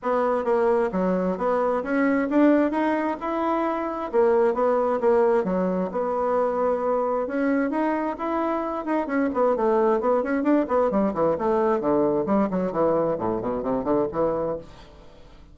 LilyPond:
\new Staff \with { instrumentName = "bassoon" } { \time 4/4 \tempo 4 = 132 b4 ais4 fis4 b4 | cis'4 d'4 dis'4 e'4~ | e'4 ais4 b4 ais4 | fis4 b2. |
cis'4 dis'4 e'4. dis'8 | cis'8 b8 a4 b8 cis'8 d'8 b8 | g8 e8 a4 d4 g8 fis8 | e4 a,8 b,8 c8 d8 e4 | }